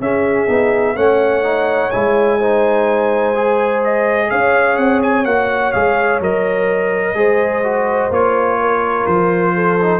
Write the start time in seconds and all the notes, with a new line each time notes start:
0.00 C#4 G#4 E5
0.47 B3 D#4
0.95 A3 C#4 C#5 F#5
1.43 D#4
1.91 G#3 E4 G#5
2.39 D#4 C5
3.35 G#4
3.85 D#5
4.31 C#4 C#5 F5
4.77 C4 F#5
5.03 G#5
5.25 A#3 F#4 F#5
5.72 G#3 G#4 F5
6.20 F#3 A#4 D#5
7.15 G#3 G#4 C5
7.64 F#4
8.11 A#3 F4 C#5
8.61 A#4
9.06 F3 C5
9.55 A4
9.82 D#4